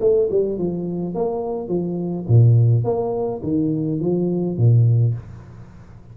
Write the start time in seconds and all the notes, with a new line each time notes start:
0.00 A3
0.30 G3
0.58 F3
1.15 A#3
1.68 F3
2.28 A#2
2.84 A#3
3.43 D#3
4.00 F3
4.57 A#2